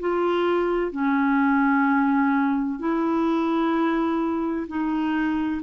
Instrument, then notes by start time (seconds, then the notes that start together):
clarinet
0.00 F4
0.92 C#4
2.79 E4
4.67 D#4